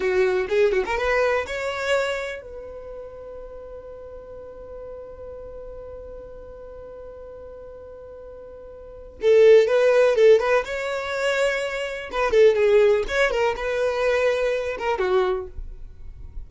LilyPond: \new Staff \with { instrumentName = "violin" } { \time 4/4 \tempo 4 = 124 fis'4 gis'8 fis'16 ais'16 b'4 cis''4~ | cis''4 b'2.~ | b'1~ | b'1~ |
b'2. a'4 | b'4 a'8 b'8 cis''2~ | cis''4 b'8 a'8 gis'4 cis''8 ais'8 | b'2~ b'8 ais'8 fis'4 | }